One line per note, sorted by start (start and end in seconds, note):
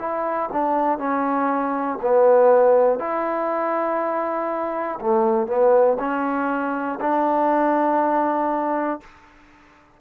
0.00 0.50 E4
0.53 0.99 D4
0.99 1.99 C#4
2.02 3.00 B3
3.00 5.00 E4
5.01 5.48 A3
5.48 5.98 B3
6.00 7.00 C#4
7.01 9.01 D4